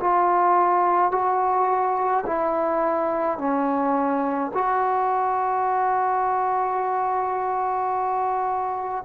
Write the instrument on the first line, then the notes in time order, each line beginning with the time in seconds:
trombone
0.00 F4
1.11 F#4
2.26 E4
3.38 C#4
4.53 F#4